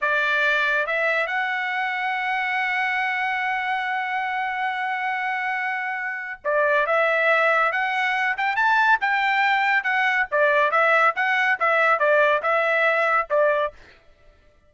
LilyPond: \new Staff \with { instrumentName = "trumpet" } { \time 4/4 \tempo 4 = 140 d''2 e''4 fis''4~ | fis''1~ | fis''1~ | fis''2. d''4 |
e''2 fis''4. g''8 | a''4 g''2 fis''4 | d''4 e''4 fis''4 e''4 | d''4 e''2 d''4 | }